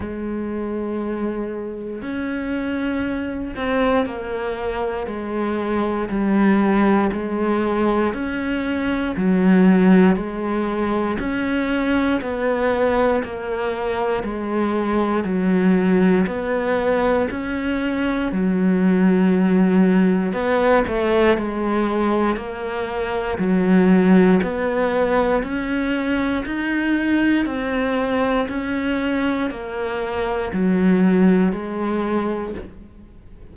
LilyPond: \new Staff \with { instrumentName = "cello" } { \time 4/4 \tempo 4 = 59 gis2 cis'4. c'8 | ais4 gis4 g4 gis4 | cis'4 fis4 gis4 cis'4 | b4 ais4 gis4 fis4 |
b4 cis'4 fis2 | b8 a8 gis4 ais4 fis4 | b4 cis'4 dis'4 c'4 | cis'4 ais4 fis4 gis4 | }